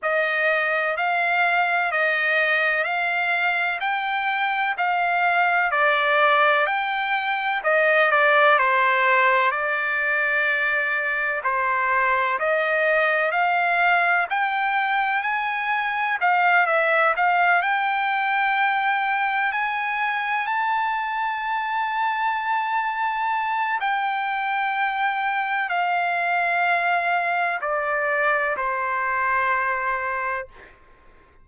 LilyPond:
\new Staff \with { instrumentName = "trumpet" } { \time 4/4 \tempo 4 = 63 dis''4 f''4 dis''4 f''4 | g''4 f''4 d''4 g''4 | dis''8 d''8 c''4 d''2 | c''4 dis''4 f''4 g''4 |
gis''4 f''8 e''8 f''8 g''4.~ | g''8 gis''4 a''2~ a''8~ | a''4 g''2 f''4~ | f''4 d''4 c''2 | }